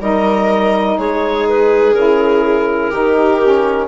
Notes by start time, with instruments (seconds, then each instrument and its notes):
0.00 bassoon G3, saxophone D#4, viola A#4, clarinet D#5
0.98 bassoon G#3, viola G#4, clarinet C#5
1.48 clarinet B4
1.93 bassoon C#3, saxophone E4, clarinet A#4
2.90 bassoon D#3, saxophone D#4, viola G4
3.40 saxophone C#4